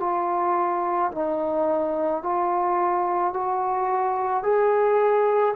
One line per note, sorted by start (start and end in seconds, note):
0.00 1.11 F4
1.12 2.23 D#4
2.23 3.33 F4
3.33 4.43 F#4
4.43 5.55 G#4